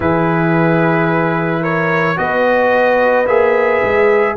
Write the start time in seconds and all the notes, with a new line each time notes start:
0.00 E3 E4 G#4 B4
1.61 A#4 C#5
2.16 B3 F#4 B4 D#5
3.27 A#3 G#4 E5
3.83 G#3